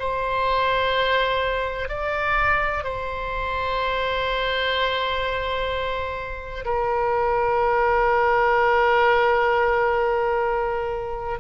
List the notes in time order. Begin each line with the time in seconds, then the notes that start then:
0.00 C5
1.89 D5
2.84 C5
6.65 A#4